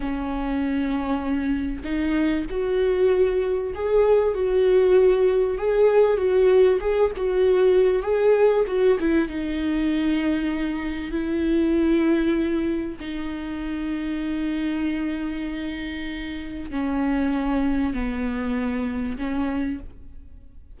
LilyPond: \new Staff \with { instrumentName = "viola" } { \time 4/4 \tempo 4 = 97 cis'2. dis'4 | fis'2 gis'4 fis'4~ | fis'4 gis'4 fis'4 gis'8 fis'8~ | fis'4 gis'4 fis'8 e'8 dis'4~ |
dis'2 e'2~ | e'4 dis'2.~ | dis'2. cis'4~ | cis'4 b2 cis'4 | }